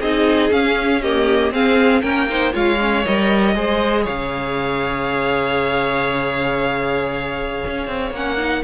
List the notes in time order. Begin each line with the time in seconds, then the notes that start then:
0.00 C4 D#4 G#4 D#5
0.51 C#4 F5
1.01 A#3 G4 D#5
1.51 C4 G#4 F5
2.02 A#3 C#4 A#4 G5
2.29 D#4 C5
2.53 G#3 F4 C#5 F5
2.81 C#4
3.05 G3 A#4 D#5
3.55 G#3 G#4 C5
4.03 C#3 C#5 F5
7.67 C#4
7.88 C4
8.11 A#3 C#4 F#5
8.38 D#4